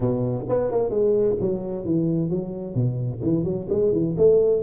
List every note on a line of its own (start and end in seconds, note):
0.00 0.45 B2
0.48 0.71 B3
0.71 0.90 A#3
0.90 1.36 G#3
1.40 1.85 F#3
1.85 2.30 E3
2.30 2.74 F#3
2.74 3.21 B2
3.23 3.44 E3
3.44 3.67 F#3
3.69 3.92 G#3
3.92 4.15 E3
4.17 4.63 A3